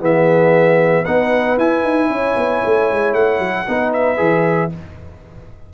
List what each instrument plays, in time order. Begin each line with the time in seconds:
0.00 tuba E3, trombone B3, horn G#4, trumpet E5
1.05 tuba B3, trombone D#4, horn B4, trumpet F#5
1.58 tuba E4, trombone E4, trumpet G#5
1.84 tuba D#4
2.08 tuba C#4, horn C#5
2.36 tuba B3
2.65 tuba A3
2.91 tuba G#3
3.14 tuba A3, trumpet F#5
3.39 tuba F#3
3.68 tuba B3, trombone D#4, horn B4
3.93 trumpet E5
4.17 tuba E3, trombone G#4